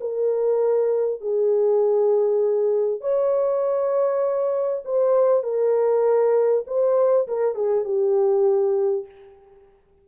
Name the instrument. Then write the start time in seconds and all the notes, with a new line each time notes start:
horn
0.00 A#4
1.21 G#4
3.01 C#5
4.85 C5
5.43 A#4
6.67 C5
7.28 A#4
7.55 G#4
7.84 G4